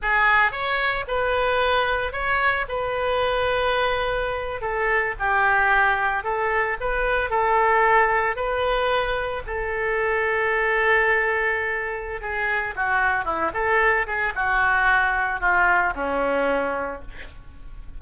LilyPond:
\new Staff \with { instrumentName = "oboe" } { \time 4/4 \tempo 4 = 113 gis'4 cis''4 b'2 | cis''4 b'2.~ | b'8. a'4 g'2 a'16~ | a'8. b'4 a'2 b'16~ |
b'4.~ b'16 a'2~ a'16~ | a'2. gis'4 | fis'4 e'8 a'4 gis'8 fis'4~ | fis'4 f'4 cis'2 | }